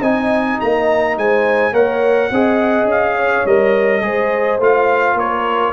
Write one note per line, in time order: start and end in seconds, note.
0.00 0.58 C4
0.00 1.73 D#4
0.00 1.14 D#5
0.00 0.59 G#5
0.60 1.17 A#3
0.60 1.17 A#5
1.17 1.73 G#3
1.17 1.72 C5
1.17 1.74 G#5
1.72 2.30 A#3
1.72 2.30 A#4
1.72 2.29 C#5
1.72 2.88 F#5
2.31 2.85 C4
2.31 3.47 G#4
2.31 3.16 D#5
2.85 3.42 C#4
2.91 3.46 F5
3.16 4.02 C#5
3.45 4.02 G3
3.45 4.01 A#4
3.45 4.60 D#5
4.01 4.59 G#3
4.01 4.59 G#4
4.01 5.17 C5
4.59 5.15 A3
4.59 5.73 F4
4.59 5.19 F5
5.15 5.72 A#3
5.15 5.73 A#4
5.15 5.73 C#5